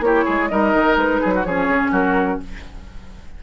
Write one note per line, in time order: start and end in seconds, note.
0.00 0.24 A#3
0.00 0.49 E4
0.00 0.25 G4
0.00 0.49 C#5
0.25 0.51 G#3
0.25 0.48 G#4
0.49 0.74 G3
0.49 1.44 D#4
0.49 1.21 A#4
0.49 0.96 D#5
0.74 0.96 D#3
0.96 1.20 G#3
0.96 1.44 B4
1.21 1.45 F#3
1.21 1.33 G#4
1.35 1.46 F#4
1.44 1.68 F3
1.44 2.43 C#4
1.44 1.91 G#4
1.44 1.91 C#5
1.68 1.91 C#3
1.91 2.38 F#3
1.91 2.39 F#4
1.91 2.40 A#4